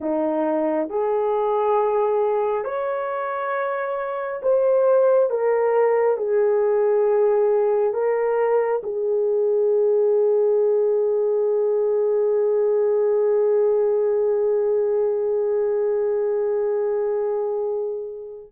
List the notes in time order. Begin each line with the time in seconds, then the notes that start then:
0.00 D#4
0.89 G#4
2.64 C#5
4.42 C5
5.29 A#4
6.17 G#4
7.93 A#4
8.83 G#4